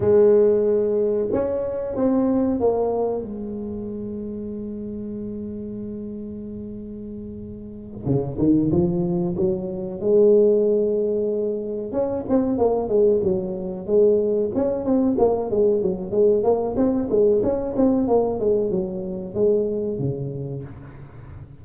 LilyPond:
\new Staff \with { instrumentName = "tuba" } { \time 4/4 \tempo 4 = 93 gis2 cis'4 c'4 | ais4 gis2.~ | gis1~ | gis8 cis8 dis8 f4 fis4 gis8~ |
gis2~ gis8 cis'8 c'8 ais8 | gis8 fis4 gis4 cis'8 c'8 ais8 | gis8 fis8 gis8 ais8 c'8 gis8 cis'8 c'8 | ais8 gis8 fis4 gis4 cis4 | }